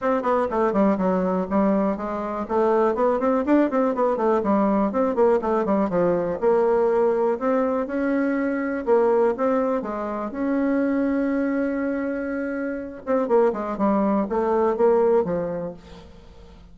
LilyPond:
\new Staff \with { instrumentName = "bassoon" } { \time 4/4 \tempo 4 = 122 c'8 b8 a8 g8 fis4 g4 | gis4 a4 b8 c'8 d'8 c'8 | b8 a8 g4 c'8 ais8 a8 g8 | f4 ais2 c'4 |
cis'2 ais4 c'4 | gis4 cis'2.~ | cis'2~ cis'8 c'8 ais8 gis8 | g4 a4 ais4 f4 | }